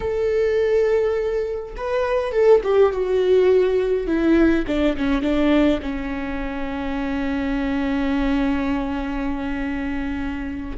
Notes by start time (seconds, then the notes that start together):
0.00 A4
1.76 B4
2.32 A4
2.63 G4
2.92 F#4
4.06 E4
4.67 D4
4.96 C#4
5.21 D4
5.82 C#4